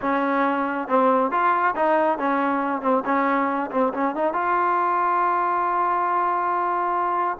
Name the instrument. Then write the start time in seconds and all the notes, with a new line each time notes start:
trombone
0.01 C#4
0.88 C4
1.31 F4
1.75 D#4
2.18 C#4
2.81 C4
3.05 C#4
3.71 C4
3.93 C#4
4.15 D#4
4.33 F4